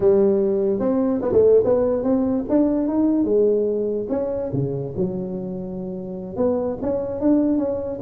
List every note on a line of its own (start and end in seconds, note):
0.00 0.79 G3
0.79 1.20 C4
1.21 1.32 B3
1.32 1.63 A3
1.64 2.03 B3
2.03 2.44 C4
2.49 2.87 D4
2.87 3.24 D#4
3.24 4.06 G#3
4.09 4.50 C#4
4.52 4.94 C#3
4.96 6.36 F#3
6.36 6.77 B3
6.81 7.20 C#4
7.20 7.57 D4
7.57 7.99 C#4